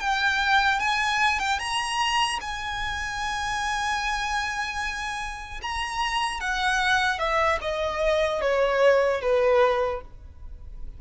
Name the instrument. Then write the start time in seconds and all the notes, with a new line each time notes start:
violin
0.00 G5
0.79 G#5
1.39 G5
1.59 A#5
2.41 G#5
5.62 A#5
6.40 F#5
7.19 E5
7.61 D#5
8.41 C#5
9.21 B4